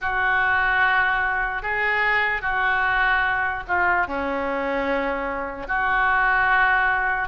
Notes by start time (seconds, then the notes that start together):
0.01 F#4
1.62 G#4
2.41 F#4
3.67 F4
4.07 C#4
5.68 F#4